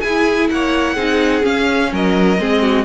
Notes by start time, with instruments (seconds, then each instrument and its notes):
0.00 cello E4, viola E4, violin G#4 G#5
0.50 cello A#3, violin C#5 F#5
0.94 cello C4, viola D#4, violin G#4
1.42 viola C#4, cello C#4, violin F5
1.92 cello F#3, violin A#4 D#5
2.39 cello G#3, viola C4, violin G#4
2.62 violin F#4